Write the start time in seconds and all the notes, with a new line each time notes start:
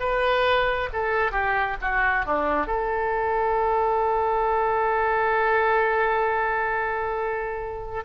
0.00 B4
0.93 A4
1.32 G4
1.82 F#4
2.26 D4
2.67 A4